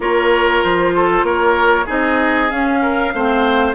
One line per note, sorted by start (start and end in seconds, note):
0.00 0.62 A#3
0.00 1.85 F4
0.00 0.94 A#4
0.00 0.63 C#5
0.63 1.22 F3
0.63 1.24 C5
0.95 1.25 A4
1.22 1.84 A#3
1.22 1.85 A#4
1.22 1.87 C#5
1.85 2.51 C4
1.85 2.49 D#4
1.85 2.79 G#4
1.85 2.50 D#5
2.50 3.13 C#4
2.50 3.74 F5
2.82 3.13 A#4
3.13 3.74 A3
3.13 3.74 C4
3.13 3.74 C5